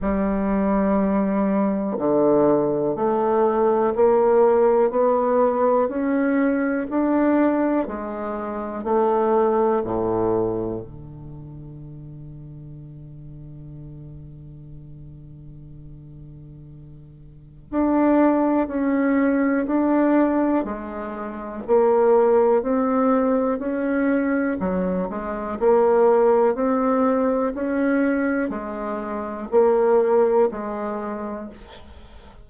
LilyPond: \new Staff \with { instrumentName = "bassoon" } { \time 4/4 \tempo 4 = 61 g2 d4 a4 | ais4 b4 cis'4 d'4 | gis4 a4 a,4 d4~ | d1~ |
d2 d'4 cis'4 | d'4 gis4 ais4 c'4 | cis'4 fis8 gis8 ais4 c'4 | cis'4 gis4 ais4 gis4 | }